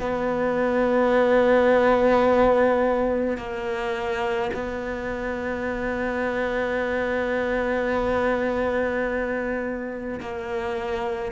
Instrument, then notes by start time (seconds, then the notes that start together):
cello
0.00 B3
3.38 A#3
4.54 B3
10.21 A#3